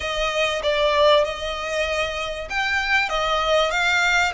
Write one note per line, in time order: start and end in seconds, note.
0.00 0.62 D#5
0.62 1.24 D5
1.24 2.48 D#5
2.49 3.09 G5
3.09 3.70 D#5
3.70 4.32 F5